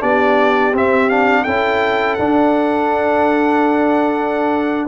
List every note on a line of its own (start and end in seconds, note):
0.00 0.73 B3
0.00 0.72 D4
0.00 1.44 G4
0.00 0.75 D5
0.73 1.46 C4
0.73 1.10 C4
0.73 1.09 E5
1.09 1.46 D4
1.09 1.44 F5
1.44 2.19 C#4
1.44 2.19 E4
1.44 4.87 A4
1.44 2.15 G5
2.15 4.88 D4
2.15 4.86 F#5